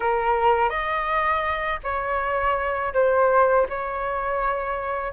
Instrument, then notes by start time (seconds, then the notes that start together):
flute
0.00 A#4
0.70 D#5
1.83 C#5
2.93 C5
3.69 C#5